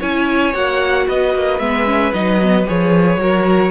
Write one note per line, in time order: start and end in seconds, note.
0.00 0.54 C#4
0.00 0.54 E4
0.00 1.06 C#5
0.00 0.54 G#5
0.54 1.07 A#3
0.54 1.60 F#4
0.54 1.08 F#5
1.07 1.35 B3
1.07 3.20 B4
1.07 1.59 D#5
1.35 1.59 A#3
1.59 2.12 G#3
1.59 1.86 B3
1.59 2.12 E5
1.86 2.12 C#4
2.14 2.67 F#3
2.14 2.40 D#4
2.14 2.67 D#5
2.42 2.66 B3
2.66 3.17 F3
2.66 3.19 G#4
2.66 3.71 C#5
3.17 3.70 F#3
3.17 3.71 F#4
3.17 3.71 A#4